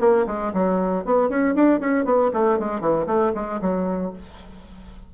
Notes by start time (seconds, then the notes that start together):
0.00 A#3
0.26 G#3
0.53 F#3
1.05 B3
1.29 C#4
1.55 D4
1.80 C#4
2.05 B3
2.33 A3
2.59 G#3
2.80 E3
3.06 A3
3.35 G#3
3.61 F#3